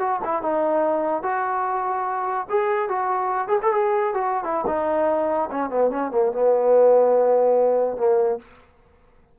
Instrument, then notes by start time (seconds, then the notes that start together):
trombone
0.00 F#4
0.25 E4
0.43 D#4
1.23 F#4
2.50 G#4
2.89 F#4
3.49 G#4
3.63 A4
3.73 G#4
4.14 F#4
4.44 E4
4.68 D#4
5.51 C#4
5.70 B3
5.91 C#4
6.12 A#3
6.32 B3
7.98 A#3